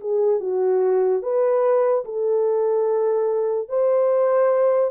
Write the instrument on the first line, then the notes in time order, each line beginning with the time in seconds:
horn
0.00 G#4
0.40 F#4
1.22 B4
2.04 A4
3.68 C5